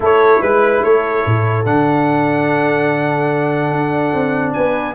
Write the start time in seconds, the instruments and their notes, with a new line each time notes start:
0.00 tuba A3, trombone E4, horn A4, trumpet C#5
0.41 tuba G#3, horn B4, trumpet B4
0.83 tuba A3, horn A4, trumpet C#5
1.25 tuba A2
1.64 tuba D3, trombone D4, trumpet F#5
3.71 tuba D4
4.13 tuba C4
4.53 tuba B3, horn B4, trumpet G#5